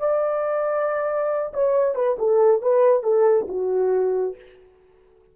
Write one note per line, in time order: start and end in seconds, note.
0.00 1.53 D5
1.54 1.95 C#5
1.95 2.17 B4
2.19 2.62 A4
2.62 3.03 B4
3.03 3.47 A4
3.49 4.36 F#4